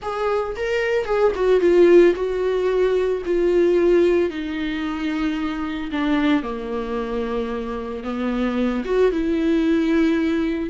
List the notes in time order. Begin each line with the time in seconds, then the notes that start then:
0.02 G#4
0.56 A#4
1.05 G#4
1.35 F#4
1.60 F4
2.15 F#4
3.25 F4
4.30 D#4
5.91 D4
6.42 A#3
8.03 B3
8.85 F#4
9.11 E4